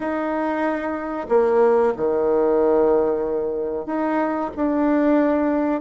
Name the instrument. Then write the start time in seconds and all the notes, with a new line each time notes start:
bassoon
0.00 D#4
1.28 A#3
1.96 D#3
3.86 D#4
4.56 D4